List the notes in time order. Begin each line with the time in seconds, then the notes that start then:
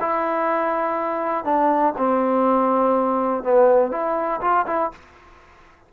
0.00 E4
1.44 D4
1.97 C4
3.43 B3
3.91 E4
4.41 F4
4.66 E4